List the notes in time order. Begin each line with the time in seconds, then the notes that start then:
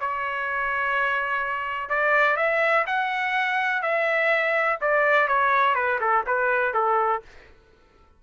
0.00 C#5
1.89 D5
2.36 E5
2.86 F#5
3.82 E5
4.81 D5
5.28 C#5
5.75 B4
6.00 A4
6.26 B4
6.74 A4